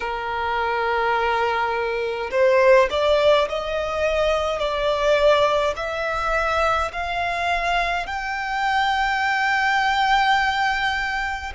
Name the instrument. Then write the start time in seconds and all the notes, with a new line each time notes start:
violin
0.00 A#4
2.31 C5
2.90 D5
3.49 D#5
4.58 D5
5.76 E5
6.92 F5
8.06 G5